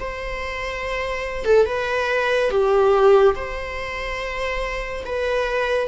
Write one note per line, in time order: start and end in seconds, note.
0.00 1.45 C5
1.45 1.66 A4
1.66 2.51 B4
2.51 3.35 G4
3.35 5.04 C5
5.06 5.88 B4